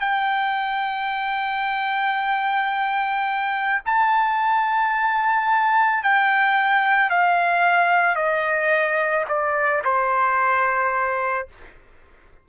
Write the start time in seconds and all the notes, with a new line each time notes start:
0.00 G5
3.86 A5
6.03 G5
7.10 F5
8.16 D#5
9.28 D5
9.84 C5